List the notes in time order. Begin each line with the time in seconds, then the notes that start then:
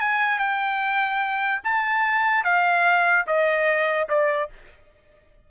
0.00 G#5
0.39 G5
1.64 A5
2.44 F5
3.27 D#5
4.09 D5